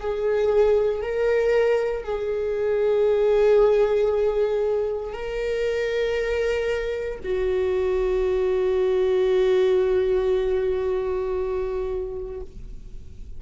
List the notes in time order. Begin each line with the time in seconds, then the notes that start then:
0.00 G#4
1.02 A#4
2.04 G#4
5.13 A#4
7.24 F#4